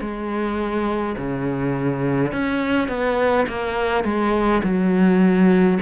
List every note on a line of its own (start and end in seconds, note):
0.00 1.15 G#3
1.17 2.32 C#3
2.32 2.88 C#4
2.88 3.46 B3
3.48 4.04 A#3
4.04 4.62 G#3
4.63 5.78 F#3